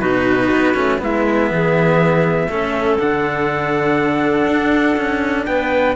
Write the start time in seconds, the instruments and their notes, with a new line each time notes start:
0.00 cello B2 D#4, clarinet F#4, trumpet B4
0.51 cello B3
0.74 cello A3 C#4
0.98 cello G#3 B3, clarinet E4, trumpet E5
1.51 cello E3, clarinet G#4
2.47 cello A3 C#4, clarinet A4
2.99 cello D3 D4, trumpet F#5
4.46 cello D4
4.97 cello C#4
5.45 cello B3, clarinet B4, trumpet G5